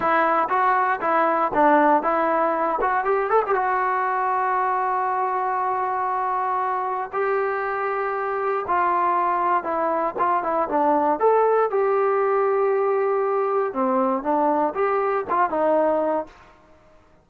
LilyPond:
\new Staff \with { instrumentName = "trombone" } { \time 4/4 \tempo 4 = 118 e'4 fis'4 e'4 d'4 | e'4. fis'8 g'8 a'16 g'16 fis'4~ | fis'1~ | fis'2 g'2~ |
g'4 f'2 e'4 | f'8 e'8 d'4 a'4 g'4~ | g'2. c'4 | d'4 g'4 f'8 dis'4. | }